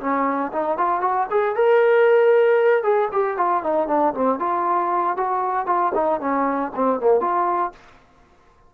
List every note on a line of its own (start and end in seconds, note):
0.00 0.52 C#4
0.53 0.78 D#4
0.78 1.01 F4
1.01 1.27 F#4
1.31 1.56 G#4
1.56 2.83 A#4
2.83 3.09 G#4
3.12 3.38 G4
3.38 3.63 F4
3.63 3.88 D#4
3.88 4.14 D4
4.14 4.39 C4
4.39 5.17 F4
5.17 5.67 F#4
5.67 5.92 F4
5.95 6.21 D#4
6.21 6.72 C#4
6.75 7.00 C4
7.00 7.21 A#3
7.21 7.72 F4